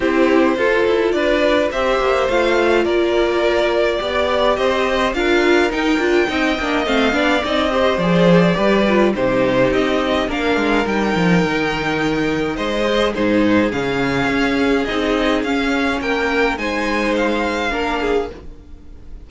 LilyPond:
<<
  \new Staff \with { instrumentName = "violin" } { \time 4/4 \tempo 4 = 105 c''2 d''4 e''4 | f''4 d''2. | dis''4 f''4 g''2 | f''4 dis''4 d''2 |
c''4 dis''4 f''4 g''4~ | g''2 dis''4 c''4 | f''2 dis''4 f''4 | g''4 gis''4 f''2 | }
  \new Staff \with { instrumentName = "violin" } { \time 4/4 g'4 a'4 b'4 c''4~ | c''4 ais'2 d''4 | c''4 ais'2 dis''4~ | dis''8 d''4 c''4. b'4 |
g'2 ais'2~ | ais'2 c''4 gis'4~ | gis'1 | ais'4 c''2 ais'8 gis'8 | }
  \new Staff \with { instrumentName = "viola" } { \time 4/4 e'4 f'2 g'4 | f'2. g'4~ | g'4 f'4 dis'8 f'8 dis'8 d'8 | c'8 d'8 dis'8 g'8 gis'4 g'8 f'8 |
dis'2 d'4 dis'4~ | dis'2~ dis'8 gis'8 dis'4 | cis'2 dis'4 cis'4~ | cis'4 dis'2 d'4 | }
  \new Staff \with { instrumentName = "cello" } { \time 4/4 c'4 f'8 e'8 d'4 c'8 ais8 | a4 ais2 b4 | c'4 d'4 dis'8 d'8 c'8 ais8 | a8 b8 c'4 f4 g4 |
c4 c'4 ais8 gis8 g8 f8 | dis2 gis4 gis,4 | cis4 cis'4 c'4 cis'4 | ais4 gis2 ais4 | }
>>